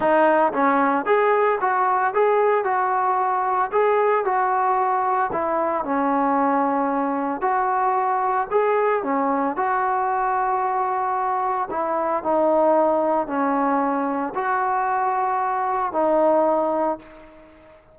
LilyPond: \new Staff \with { instrumentName = "trombone" } { \time 4/4 \tempo 4 = 113 dis'4 cis'4 gis'4 fis'4 | gis'4 fis'2 gis'4 | fis'2 e'4 cis'4~ | cis'2 fis'2 |
gis'4 cis'4 fis'2~ | fis'2 e'4 dis'4~ | dis'4 cis'2 fis'4~ | fis'2 dis'2 | }